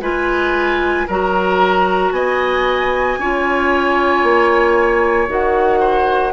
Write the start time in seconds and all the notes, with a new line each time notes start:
0.00 G#3 F4 B4 G#5
1.07 F#3 F#4 A#4 A#5
2.11 B3 D#5 G#5
3.18 C#4 F4 C#5
4.23 A#3
5.27 D#3 F#4 F#5
5.79 C5